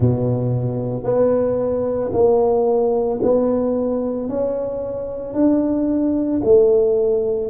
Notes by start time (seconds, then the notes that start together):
0.00 B2
1.03 B3
2.12 A#3
3.22 B3
4.29 C#4
5.34 D4
6.44 A3